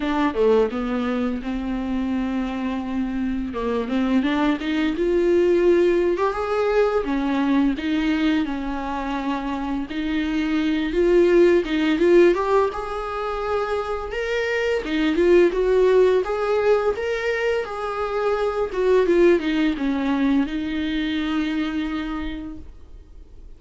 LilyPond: \new Staff \with { instrumentName = "viola" } { \time 4/4 \tempo 4 = 85 d'8 a8 b4 c'2~ | c'4 ais8 c'8 d'8 dis'8 f'4~ | f'8. g'16 gis'4 cis'4 dis'4 | cis'2 dis'4. f'8~ |
f'8 dis'8 f'8 g'8 gis'2 | ais'4 dis'8 f'8 fis'4 gis'4 | ais'4 gis'4. fis'8 f'8 dis'8 | cis'4 dis'2. | }